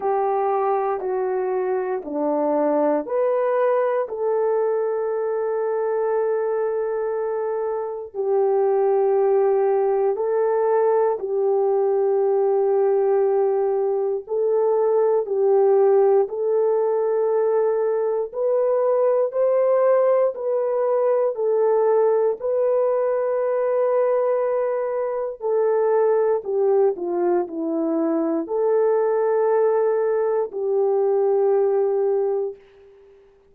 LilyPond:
\new Staff \with { instrumentName = "horn" } { \time 4/4 \tempo 4 = 59 g'4 fis'4 d'4 b'4 | a'1 | g'2 a'4 g'4~ | g'2 a'4 g'4 |
a'2 b'4 c''4 | b'4 a'4 b'2~ | b'4 a'4 g'8 f'8 e'4 | a'2 g'2 | }